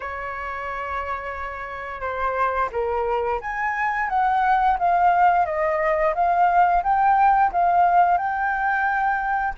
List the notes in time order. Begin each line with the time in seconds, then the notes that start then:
0.00 C#5
2.01 C5
2.72 A#4
3.41 G#5
4.09 F#5
4.79 F5
5.45 D#5
6.14 F5
6.83 G5
7.52 F5
8.17 G5